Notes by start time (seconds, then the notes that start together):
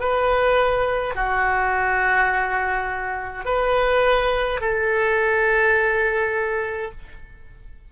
0.00 B4
1.15 F#4
3.45 B4
4.60 A4